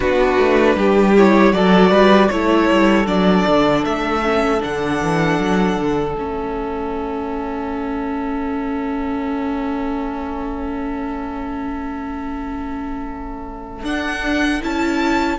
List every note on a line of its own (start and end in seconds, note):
0.00 0.38 B3
0.00 1.16 D4
0.00 0.75 F#4
0.00 1.15 B4
0.38 0.75 A3
0.75 1.52 G3
0.75 1.53 G4
1.16 1.53 E4
1.16 1.52 C#5
1.52 1.90 F#3
1.52 2.30 F#4
1.52 1.90 A4
1.52 2.29 D5
1.90 2.29 G3
1.90 2.29 B4
2.29 2.70 A3
2.29 3.06 E4
2.29 15.38 A4
2.29 3.06 C#5
2.70 3.06 G3
3.06 3.44 F#3
3.06 4.21 D4
3.06 3.84 D5
3.47 3.85 D3
3.84 4.62 A3
3.84 4.61 E5
4.23 4.59 C#4
4.59 5.01 D3
4.59 6.13 D4
4.59 6.15 F#5
5.01 5.38 E3
5.38 5.76 F#3
5.76 6.14 D3
6.14 13.83 A3
6.14 13.84 C#4
6.14 13.84 E5
13.83 14.60 D4
13.83 14.61 D4
13.83 14.61 F#5
14.61 15.38 C#4
14.61 15.38 E4
14.61 15.38 A5